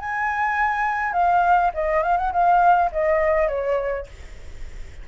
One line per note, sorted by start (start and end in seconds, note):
0.00 1.13 G#5
1.13 1.71 F5
1.74 2.03 D#5
2.03 2.18 F5
2.18 2.32 F#5
2.32 2.91 F5
2.92 3.48 D#5
3.48 4.07 C#5